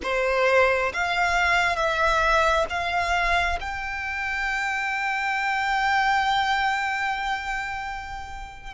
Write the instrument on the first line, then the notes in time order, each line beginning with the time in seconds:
violin
0.02 C5
0.93 F5
1.75 E5
2.69 F5
3.60 G5